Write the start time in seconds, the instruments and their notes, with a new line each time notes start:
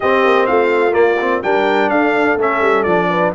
0.00 trombone C4, tuba C4, horn G4, trumpet D#5
0.24 tuba A#3
0.46 tuba A3, horn F4, trumpet F5
0.91 trombone A#3, tuba A#3, trumpet D5
1.20 trombone C4
1.42 tuba G3, trombone D4, horn A#4, trumpet G5
1.88 tuba D4, horn A4, trumpet F5
2.36 tuba A3, trombone C#4, trumpet E5
2.60 tuba G3
2.83 tuba F3, trombone D4, trumpet D5
3.09 horn B4